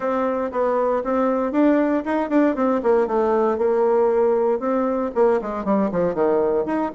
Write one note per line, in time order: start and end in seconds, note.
0.00 0.51 C4
0.51 1.03 B3
1.03 1.52 C4
1.52 2.03 D4
2.05 2.29 D#4
2.29 2.55 D4
2.55 2.81 C4
2.82 3.07 A#3
3.07 3.58 A3
3.58 4.59 A#3
4.59 5.10 C4
5.14 5.40 A#3
5.41 5.64 G#3
5.64 5.90 G3
5.91 6.14 F3
6.14 6.65 D#3
6.65 6.91 D#4